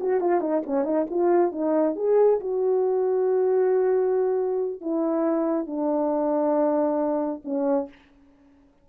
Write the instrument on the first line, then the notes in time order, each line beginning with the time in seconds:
horn
0.00 F#4
0.20 F4
0.40 D#4
0.66 C#4
0.84 D#4
1.10 F4
1.52 D#4
1.96 G#4
2.40 F#4
4.81 E4
5.66 D4
7.45 C#4